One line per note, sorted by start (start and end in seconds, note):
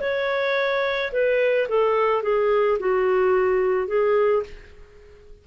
0.00 1.11 C#5
1.12 1.67 B4
1.68 2.22 A4
2.22 2.78 G#4
2.79 3.87 F#4
3.87 4.43 G#4